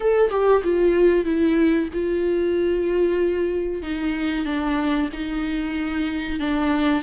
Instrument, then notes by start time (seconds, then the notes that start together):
viola
0.00 A4
0.30 G4
0.63 F4
1.24 E4
1.93 F4
3.82 D#4
4.45 D4
5.12 D#4
6.39 D4